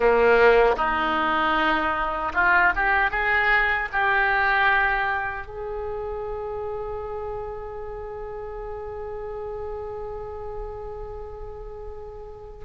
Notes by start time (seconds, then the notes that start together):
0.00 A#3
0.76 D#4
2.34 F4
2.75 G4
3.10 G#4
3.92 G4
5.47 G#4